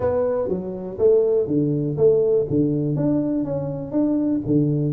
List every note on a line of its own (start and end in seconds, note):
0.00 0.48 B3
0.48 0.97 F#3
0.98 1.47 A3
1.47 1.96 D3
1.97 2.46 A3
2.49 2.96 D3
2.96 3.44 D4
3.44 3.91 C#4
3.91 4.40 D4
4.46 4.93 D3